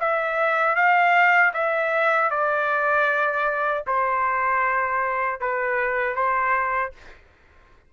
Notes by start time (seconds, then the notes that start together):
0.00 E5
0.76 F5
1.53 E5
2.30 D5
3.87 C5
5.40 B4
6.15 C5